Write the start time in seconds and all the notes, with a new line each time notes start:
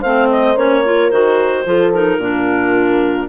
0.00 A3 C4 C5 F5
0.30 D#5
0.56 A#3 C#4 C#5
0.84 F4 A#4
1.10 D#3 F#4 C5
1.65 F3 F4 A4
1.93 D#4 A#4
2.18 A#2 D4 F4